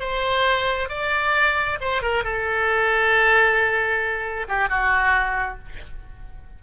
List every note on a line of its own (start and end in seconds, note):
0.00 0.89 C5
0.89 1.79 D5
1.81 2.03 C5
2.03 2.24 A#4
2.24 4.48 A4
4.49 4.70 G4
4.70 5.59 F#4